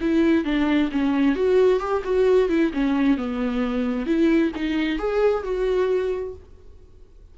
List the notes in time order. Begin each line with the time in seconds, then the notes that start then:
0.00 E4
0.44 D4
0.91 C#4
1.35 F#4
1.79 G4
2.04 F#4
2.49 E4
2.73 C#4
3.17 B3
4.06 E4
4.55 D#4
4.98 G#4
5.43 F#4